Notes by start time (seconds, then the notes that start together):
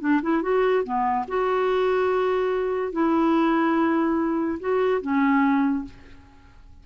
0.00 D4
0.22 E4
0.42 F#4
0.84 B3
1.27 F#4
2.92 E4
4.60 F#4
5.01 C#4